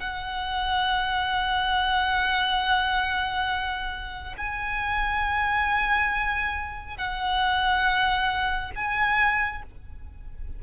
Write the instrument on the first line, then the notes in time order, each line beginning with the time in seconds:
violin
0.00 F#5
4.37 G#5
6.97 F#5
8.75 G#5